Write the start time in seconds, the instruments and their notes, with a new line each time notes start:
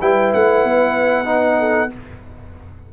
0.00 tuba G3, trombone E4, horn B4, trumpet G5
0.34 tuba A3, trumpet F#5
0.64 tuba B3
1.25 trombone D#4
1.59 horn A4